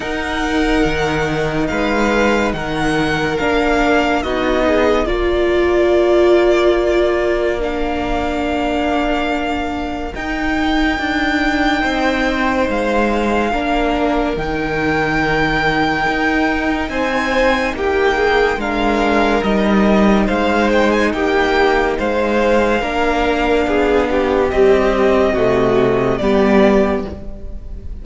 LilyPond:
<<
  \new Staff \with { instrumentName = "violin" } { \time 4/4 \tempo 4 = 71 fis''2 f''4 fis''4 | f''4 dis''4 d''2~ | d''4 f''2. | g''2. f''4~ |
f''4 g''2. | gis''4 g''4 f''4 dis''4 | f''8 g''16 gis''16 g''4 f''2~ | f''4 dis''2 d''4 | }
  \new Staff \with { instrumentName = "violin" } { \time 4/4 ais'2 b'4 ais'4~ | ais'4 fis'8 gis'8 ais'2~ | ais'1~ | ais'2 c''2 |
ais'1 | c''4 g'8 gis'8 ais'2 | c''4 g'4 c''4 ais'4 | gis'8 g'4. fis'4 g'4 | }
  \new Staff \with { instrumentName = "viola" } { \time 4/4 dis'1 | d'4 dis'4 f'2~ | f'4 d'2. | dis'1 |
d'4 dis'2.~ | dis'2 d'4 dis'4~ | dis'2. d'4~ | d'4 g4 a4 b4 | }
  \new Staff \with { instrumentName = "cello" } { \time 4/4 dis'4 dis4 gis4 dis4 | ais4 b4 ais2~ | ais1 | dis'4 d'4 c'4 gis4 |
ais4 dis2 dis'4 | c'4 ais4 gis4 g4 | gis4 ais4 gis4 ais4 | b4 c'4 c4 g4 | }
>>